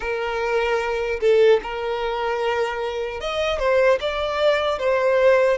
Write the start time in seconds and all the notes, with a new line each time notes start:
0.00 A#4
1.20 A4
1.63 A#4
3.20 D#5
3.59 C5
4.00 D5
4.79 C5